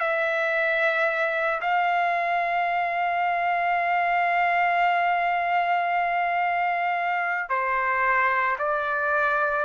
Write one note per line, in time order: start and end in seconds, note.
0.00 1.61 E5
1.61 7.50 F5
7.50 8.57 C5
8.59 9.65 D5